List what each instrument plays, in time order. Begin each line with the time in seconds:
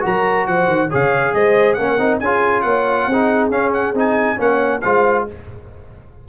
0.00 tuba F#3, trombone F#4, horn A#4, trumpet A#5
0.47 tuba F3, horn C5, trumpet F#5
0.67 tuba D#3
0.89 tuba C#3, trombone G#4, horn C#5, trumpet F5
1.34 tuba G#3, horn C5, trumpet D#5
1.74 tuba A#3, trombone C#4, trumpet F#5
1.80 horn A#4
1.98 tuba C4, trombone D#4
2.20 tuba C#4, trombone F4, horn G#4, trumpet G#5
2.61 tuba A#3, horn C#5, trumpet F#5
3.07 tuba C4, trombone D#4, horn G#4
3.50 tuba C#4, trombone C#4, trumpet F5
3.73 trumpet F#5
3.93 tuba C4, trombone D#4, trumpet G#5
4.36 tuba A#3, trombone C#4, horn C#5, trumpet F#5
4.81 tuba G#3, trombone F4, horn C5, trumpet F5